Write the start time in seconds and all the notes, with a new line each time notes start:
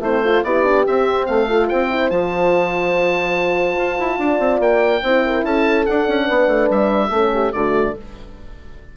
0.00 A3 C4 E4 C5
0.23 F4 A4
0.44 B3 E4 G4 D5
0.64 D4
0.86 C4 E5
1.26 A3 A4 F5
1.48 F4
1.68 C4 C5 G5
1.89 E4
2.10 F3 F4 A5
3.77 F4
3.99 E4
4.18 D4 D5
4.39 C4
4.59 A#3 G5
5.03 C4 E4 C5
5.26 A#4
5.43 C#4 A4 A5
5.85 D4 F#5
6.08 C#4
6.24 B3 B4
6.47 A3
6.69 G3 E5
7.09 A3 C#4 A4
7.33 G4
7.52 D3 A3 F#4 D5